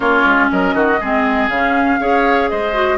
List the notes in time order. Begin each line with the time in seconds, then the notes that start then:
0.00 A#3 C#4 F4 C#5
0.24 G#3
0.50 F#3 A#4 D#5
0.74 D#3 F#4
1.00 G#3 C4 G#4
1.49 C#3 C#4 F5
2.00 C#4 G#4 C#5
2.48 G#3 C5 D#5
2.73 F#4